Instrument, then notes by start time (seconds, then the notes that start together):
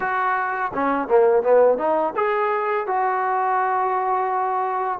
trombone
0.00 F#4
0.73 C#4
1.07 A#3
1.43 B3
1.78 D#4
2.16 G#4
2.86 F#4